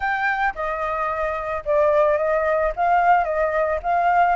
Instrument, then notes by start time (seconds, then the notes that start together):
flute
0.00 G5
0.54 D#5
1.65 D5
2.17 D#5
2.76 F5
3.24 D#5
3.83 F5